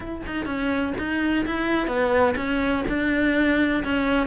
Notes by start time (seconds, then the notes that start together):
0.00 E4
0.26 D#4
0.45 C#4
0.98 D#4
1.45 E4
1.87 B3
2.36 C#4
2.88 D4
3.84 C#4